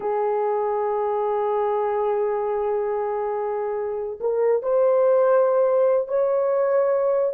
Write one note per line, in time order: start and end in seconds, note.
0.00 4.19 G#4
4.20 4.62 A#4
4.62 6.07 C5
6.07 7.33 C#5